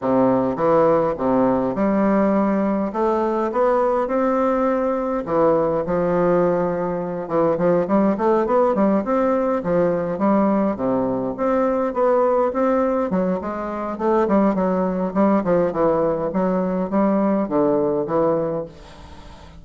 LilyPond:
\new Staff \with { instrumentName = "bassoon" } { \time 4/4 \tempo 4 = 103 c4 e4 c4 g4~ | g4 a4 b4 c'4~ | c'4 e4 f2~ | f8 e8 f8 g8 a8 b8 g8 c'8~ |
c'8 f4 g4 c4 c'8~ | c'8 b4 c'4 fis8 gis4 | a8 g8 fis4 g8 f8 e4 | fis4 g4 d4 e4 | }